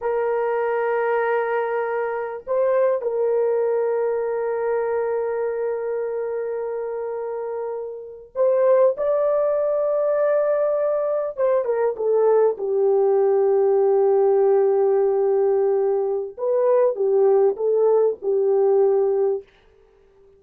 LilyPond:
\new Staff \with { instrumentName = "horn" } { \time 4/4 \tempo 4 = 99 ais'1 | c''4 ais'2.~ | ais'1~ | ais'4.~ ais'16 c''4 d''4~ d''16~ |
d''2~ d''8. c''8 ais'8 a'16~ | a'8. g'2.~ g'16~ | g'2. b'4 | g'4 a'4 g'2 | }